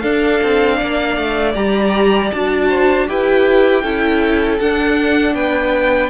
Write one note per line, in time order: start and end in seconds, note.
0.00 1.53 D4
0.00 0.41 D4
0.00 0.77 A4
0.00 1.52 F5
0.43 0.81 C4
0.77 1.17 A#3
0.77 2.67 D5
1.17 1.55 A3
1.54 2.31 G3
1.54 2.30 G4
1.54 2.31 A#5
2.31 3.09 D4
2.31 3.07 F#4
2.31 3.07 A5
2.69 3.07 C5
3.07 3.83 E4
3.07 3.83 G4
3.07 3.82 B4
3.07 4.59 G5
3.82 4.59 C#4
3.82 4.59 E4
3.82 5.34 A4
4.59 5.34 D4
4.59 6.10 D4
4.59 5.34 F#5
5.34 6.10 B3
5.34 6.10 B4
5.34 6.10 G5